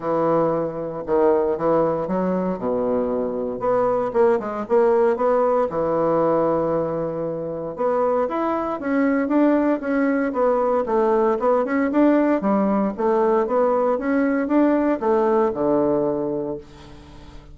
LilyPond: \new Staff \with { instrumentName = "bassoon" } { \time 4/4 \tempo 4 = 116 e2 dis4 e4 | fis4 b,2 b4 | ais8 gis8 ais4 b4 e4~ | e2. b4 |
e'4 cis'4 d'4 cis'4 | b4 a4 b8 cis'8 d'4 | g4 a4 b4 cis'4 | d'4 a4 d2 | }